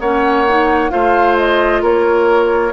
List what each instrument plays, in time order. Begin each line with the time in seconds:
0.00 bassoon A#3, clarinet C#4, oboe C#5, flute F#5
0.48 clarinet D#4
0.90 bassoon A3, clarinet F4, oboe C5, flute F5
1.37 flute D#5
1.82 bassoon A#3, oboe A#4, flute C#5